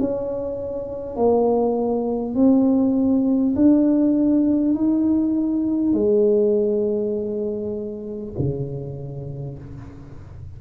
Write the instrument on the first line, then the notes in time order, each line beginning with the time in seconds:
tuba
0.00 C#4
1.16 A#3
2.35 C4
3.56 D4
4.75 D#4
5.93 G#3
8.39 C#3